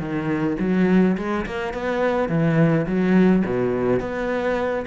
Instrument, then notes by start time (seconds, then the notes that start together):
cello
0.00 D#3
0.60 F#3
1.18 G#3
1.47 A#3
1.74 B3
2.29 E3
2.87 F#3
3.46 B2
4.01 B3